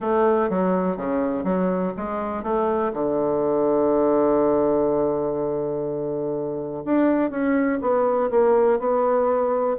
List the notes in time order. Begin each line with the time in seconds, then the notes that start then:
0.00 A3
0.49 F#3
0.96 C#3
1.44 F#3
1.96 G#3
2.43 A3
2.93 D3
6.84 D4
7.30 C#4
7.81 B3
8.30 A#3
8.79 B3